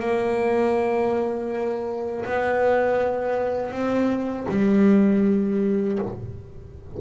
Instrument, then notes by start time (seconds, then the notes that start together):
double bass
0.00 A#3
2.26 B3
3.72 C4
4.49 G3